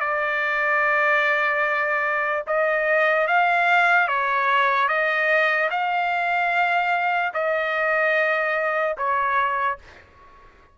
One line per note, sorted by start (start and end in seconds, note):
0.00 2.43 D5
2.47 3.27 D#5
3.27 4.08 F5
4.08 4.88 C#5
4.88 5.69 D#5
5.71 7.33 F5
7.34 8.96 D#5
8.97 9.78 C#5